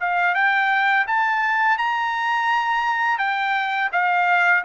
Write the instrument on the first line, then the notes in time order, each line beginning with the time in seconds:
trumpet
0.00 F5
0.35 G5
1.07 A5
1.78 A#5
3.18 G5
3.92 F5